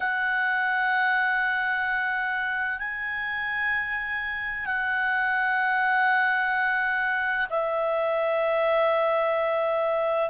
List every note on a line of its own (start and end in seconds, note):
0.00 2.79 F#5
2.79 4.66 G#5
4.66 7.47 F#5
7.50 10.30 E5